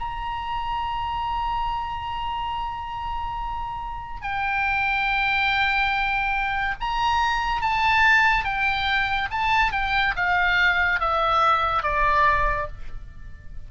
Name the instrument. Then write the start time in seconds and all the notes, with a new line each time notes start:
oboe
0.00 A#5
4.22 G5
6.81 A#5
7.62 A5
8.44 G5
9.31 A5
9.72 G5
10.16 F5
11.00 E5
11.83 D5